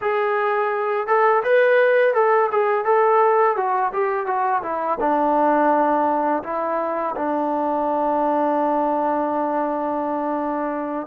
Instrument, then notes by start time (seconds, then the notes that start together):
trombone
0.01 G#4
1.07 A4
1.43 B4
2.14 A4
2.51 G#4
2.84 A4
3.56 F#4
3.93 G4
4.26 F#4
4.62 E4
4.99 D4
6.43 E4
7.16 D4